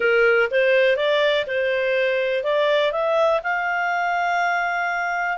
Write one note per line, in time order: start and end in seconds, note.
0.00 0.49 A#4
0.50 0.96 C5
0.96 1.45 D5
1.47 2.43 C5
2.43 2.92 D5
2.92 3.40 E5
3.43 5.37 F5